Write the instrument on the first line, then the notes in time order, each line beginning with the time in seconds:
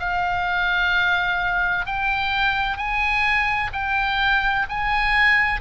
oboe
0.00 F5
1.86 G5
2.77 G#5
3.73 G5
4.70 G#5